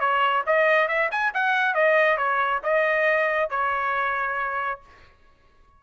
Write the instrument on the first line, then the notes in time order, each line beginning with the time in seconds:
trumpet
0.00 C#5
0.46 D#5
0.88 E5
1.11 G#5
1.34 F#5
1.75 D#5
2.17 C#5
2.63 D#5
3.50 C#5